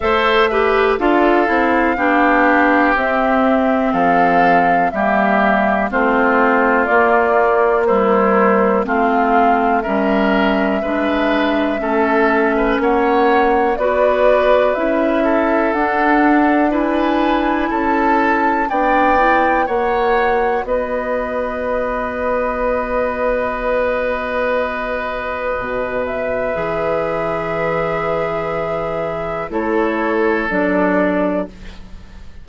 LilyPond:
<<
  \new Staff \with { instrumentName = "flute" } { \time 4/4 \tempo 4 = 61 e''4 f''2 e''4 | f''4 e''4 c''4 d''4 | c''4 f''4 e''2~ | e''4 fis''4 d''4 e''4 |
fis''4 gis''4 a''4 g''4 | fis''4 dis''2.~ | dis''2~ dis''8 e''4.~ | e''2 cis''4 d''4 | }
  \new Staff \with { instrumentName = "oboe" } { \time 4/4 c''8 b'8 a'4 g'2 | a'4 g'4 f'2 | e'4 f'4 ais'4 b'4 | a'8. b'16 cis''4 b'4. a'8~ |
a'4 b'4 a'4 d''4 | cis''4 b'2.~ | b'1~ | b'2 a'2 | }
  \new Staff \with { instrumentName = "clarinet" } { \time 4/4 a'8 g'8 f'8 e'8 d'4 c'4~ | c'4 ais4 c'4 ais4 | g4 c'4 cis'4 d'4 | cis'2 fis'4 e'4 |
d'4 e'2 d'8 e'8 | fis'1~ | fis'2. gis'4~ | gis'2 e'4 d'4 | }
  \new Staff \with { instrumentName = "bassoon" } { \time 4/4 a4 d'8 c'8 b4 c'4 | f4 g4 a4 ais4~ | ais4 a4 g4 gis4 | a4 ais4 b4 cis'4 |
d'2 cis'4 b4 | ais4 b2.~ | b2 b,4 e4~ | e2 a4 fis4 | }
>>